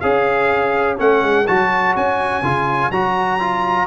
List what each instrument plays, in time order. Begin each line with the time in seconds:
0.00 tuba C#4, trombone G#4, horn C#5, trumpet F5
0.97 tuba A3, trombone C#4, trumpet F#5
1.22 tuba G#3
1.47 tuba F#3, trombone F#4, trumpet A5
1.96 tuba C#4, trumpet G#5
2.42 tuba C#3, trombone F4
2.91 tuba F#3, trombone F#4, trumpet A#5
3.40 trombone F4